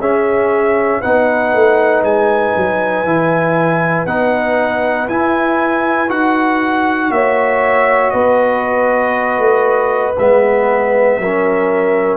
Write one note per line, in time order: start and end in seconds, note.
0.00 1.02 C#4
0.00 1.03 C#4
0.00 1.01 G#4
0.00 1.02 E5
1.01 1.54 B3
1.01 3.06 D#4
1.01 7.11 B4
1.01 2.04 F#5
1.54 2.03 A3
2.03 2.53 G#3
2.03 4.07 G#5
2.56 3.04 F#3
3.04 4.06 E3
3.04 4.08 E4
4.06 5.08 B3
4.06 5.09 D#4
4.06 5.09 F#5
5.09 6.10 E4
5.09 6.09 E4
5.09 6.10 G#5
6.09 7.11 D#4
6.09 10.15 F#4
6.09 7.12 F#5
7.11 8.13 A#3
7.11 8.14 C#5
7.11 8.11 E5
8.11 9.38 B3
8.11 11.19 B4
8.11 10.14 D#5
9.38 10.15 A3
10.19 11.19 G#3
10.19 11.22 B3
10.19 12.17 E5
11.19 12.17 F#3
11.19 12.17 C#4
11.19 12.17 A#4